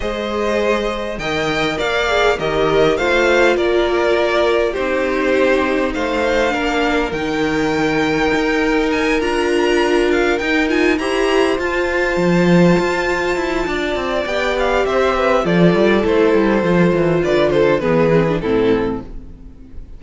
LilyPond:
<<
  \new Staff \with { instrumentName = "violin" } { \time 4/4 \tempo 4 = 101 dis''2 g''4 f''4 | dis''4 f''4 d''2 | c''2 f''2 | g''2. gis''8 ais''8~ |
ais''4 f''8 g''8 gis''8 ais''4 a''8~ | a''1 | g''8 f''8 e''4 d''4 c''4~ | c''4 d''8 c''8 b'4 a'4 | }
  \new Staff \with { instrumentName = "violin" } { \time 4/4 c''2 dis''4 d''4 | ais'4 c''4 ais'2 | g'2 c''4 ais'4~ | ais'1~ |
ais'2~ ais'8 c''4.~ | c''2. d''4~ | d''4 c''8 b'8 a'2~ | a'4 b'8 a'8 gis'4 e'4 | }
  \new Staff \with { instrumentName = "viola" } { \time 4/4 gis'2 ais'4. gis'8 | g'4 f'2. | dis'2. d'4 | dis'2.~ dis'8 f'8~ |
f'4. dis'8 f'8 g'4 f'8~ | f'1 | g'2 f'4 e'4 | f'2 b8 c'16 d'16 c'4 | }
  \new Staff \with { instrumentName = "cello" } { \time 4/4 gis2 dis4 ais4 | dis4 a4 ais2 | c'2 a4 ais4 | dis2 dis'4. d'8~ |
d'4. dis'4 e'4 f'8~ | f'8 f4 f'4 e'8 d'8 c'8 | b4 c'4 f8 g8 a8 g8 | f8 e8 d4 e4 a,4 | }
>>